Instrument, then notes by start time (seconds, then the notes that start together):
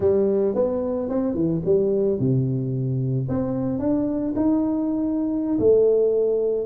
tuba
0.00 G3
0.55 B3
1.09 C4
1.34 E3
1.65 G3
2.19 C3
3.29 C4
3.79 D4
4.36 D#4
5.59 A3